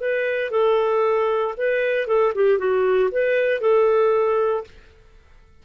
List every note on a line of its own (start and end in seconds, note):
0.00 0.51 B4
0.51 1.54 A4
1.57 2.07 B4
2.07 2.33 A4
2.35 2.58 G4
2.58 3.10 F#4
3.11 3.60 B4
3.60 4.64 A4